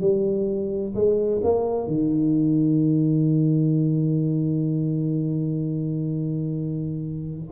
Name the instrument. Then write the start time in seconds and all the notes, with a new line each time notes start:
tuba
0.00 G3
0.94 G#3
1.43 A#3
1.87 D#3